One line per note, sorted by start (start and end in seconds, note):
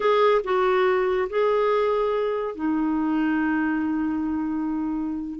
0.00 0.41 G#4
0.44 1.28 F#4
1.29 2.55 G#4
2.55 5.39 D#4